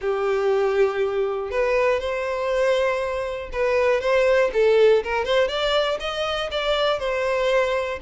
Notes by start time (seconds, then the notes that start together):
0.01 G4
1.50 B4
2.00 C5
3.52 B4
4.00 C5
4.53 A4
5.03 A#4
5.25 C5
5.47 D5
6.00 D#5
6.51 D5
6.99 C5